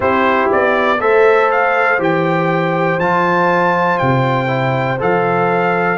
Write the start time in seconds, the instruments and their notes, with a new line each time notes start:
0.00 tuba C4, trombone E4, horn G4, trumpet C5
0.52 tuba B3, trumpet D5
1.00 tuba A3, trombone A4, horn C5, trumpet E5
1.51 trumpet F5
1.98 tuba E3, trombone G4, trumpet G5
2.98 tuba F3, trombone F4, trumpet A5
3.98 tuba C3, trumpet G5
4.47 trombone E4
4.99 tuba F3, trombone A4, trumpet F5